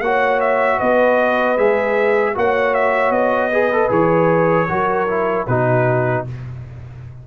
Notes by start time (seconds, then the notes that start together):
0.00 A#3 F#4 C#5 F#5
0.40 E5
0.77 B3 B4 D#5
1.57 G#3 G#4 E5
2.34 A#3 F#4 C#5 F#5
2.74 E5
3.10 B3 D#5
3.51 G#4 B4
3.72 A4
3.89 E3 G#4 C#5
4.68 F#3 F#4 A#4
5.08 E4
5.46 B2 D#4 F#4 B4